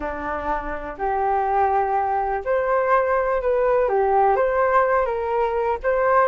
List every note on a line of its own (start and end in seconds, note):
0.00 0.97 D4
0.98 2.43 G4
2.44 3.41 C5
3.41 3.88 B4
3.88 4.36 G4
4.36 5.05 C5
5.05 5.78 A#4
5.83 6.28 C5